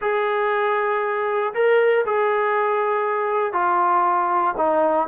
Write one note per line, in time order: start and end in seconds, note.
0.01 1.53 G#4
1.53 2.04 A#4
2.05 3.52 G#4
3.52 4.54 F4
4.57 5.08 D#4